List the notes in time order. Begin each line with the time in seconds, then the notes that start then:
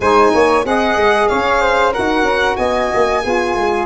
0.00 G#3 D#4 C5 G#5
0.33 A#3 C#5
0.64 C4 G#4 D#5 F#5
0.96 G#3
1.28 C#4 C#5 F5
1.61 C5
1.92 F#4 A#4 F#5
1.98 D#4
2.22 C#4
2.56 B3 D#5 G#5
2.93 A#3
3.23 B3 F4 G#4
3.56 G#3